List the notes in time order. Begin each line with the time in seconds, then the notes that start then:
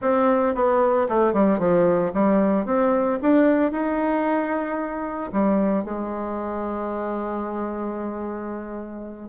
0.01 C4
0.54 B3
1.08 A3
1.33 G3
1.58 F3
2.13 G3
2.65 C4
3.22 D4
3.71 D#4
5.32 G3
5.84 G#3